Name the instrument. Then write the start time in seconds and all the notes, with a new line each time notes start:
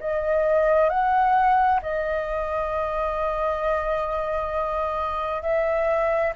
flute
0.00 D#5
0.90 F#5
1.83 D#5
5.43 E5